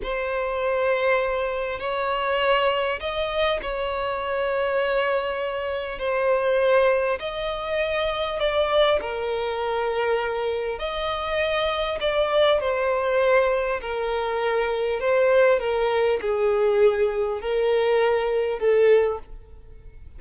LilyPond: \new Staff \with { instrumentName = "violin" } { \time 4/4 \tempo 4 = 100 c''2. cis''4~ | cis''4 dis''4 cis''2~ | cis''2 c''2 | dis''2 d''4 ais'4~ |
ais'2 dis''2 | d''4 c''2 ais'4~ | ais'4 c''4 ais'4 gis'4~ | gis'4 ais'2 a'4 | }